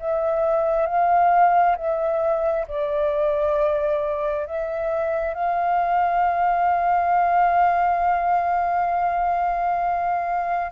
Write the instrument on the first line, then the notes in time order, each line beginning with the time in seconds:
flute
0.00 E5
0.86 F5
1.77 E5
2.68 D5
4.46 E5
5.34 F5